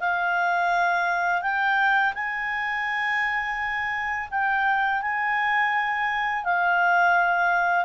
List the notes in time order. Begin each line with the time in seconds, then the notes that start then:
0.00 F5
1.42 G5
2.14 G#5
4.31 G5
5.02 G#5
6.44 F5